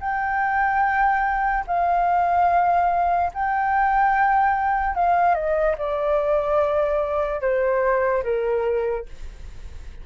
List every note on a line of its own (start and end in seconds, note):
0.00 1.64 G5
1.67 3.31 F5
3.34 4.95 G5
4.95 5.34 F5
5.34 5.75 D#5
5.78 7.41 D5
7.41 8.23 C5
8.23 9.05 A#4